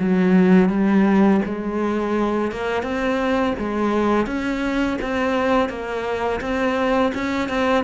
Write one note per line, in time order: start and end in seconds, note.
0.00 0.69 F#3
0.69 1.41 G3
1.45 2.52 G#3
2.52 2.83 A#3
2.83 3.55 C4
3.59 4.27 G#3
4.27 4.98 C#4
5.02 5.69 C4
5.69 6.41 A#3
6.41 7.13 C4
7.15 7.49 C#4
7.49 7.85 C4